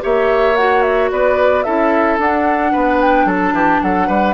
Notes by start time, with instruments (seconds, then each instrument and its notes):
0.00 bassoon A#3, clarinet G4, oboe C#5, flute E5
0.56 clarinet F#4, flute F#5
0.82 flute E5
1.11 bassoon B3, oboe B4, flute D5
1.63 bassoon C#4, clarinet E4, oboe A4, flute E5
2.18 bassoon D4, clarinet D4, flute F#5
2.72 bassoon B3, oboe B4
3.01 flute G5
3.25 bassoon F#3, oboe A4, flute A5
3.52 bassoon E3, oboe G4
3.82 bassoon F#3, oboe A4, flute F#5
4.07 bassoon G3, oboe B4